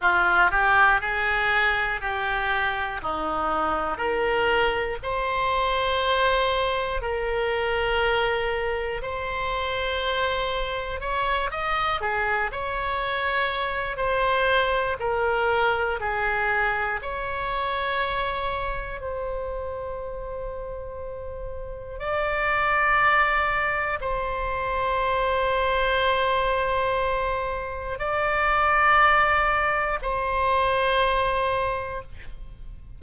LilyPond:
\new Staff \with { instrumentName = "oboe" } { \time 4/4 \tempo 4 = 60 f'8 g'8 gis'4 g'4 dis'4 | ais'4 c''2 ais'4~ | ais'4 c''2 cis''8 dis''8 | gis'8 cis''4. c''4 ais'4 |
gis'4 cis''2 c''4~ | c''2 d''2 | c''1 | d''2 c''2 | }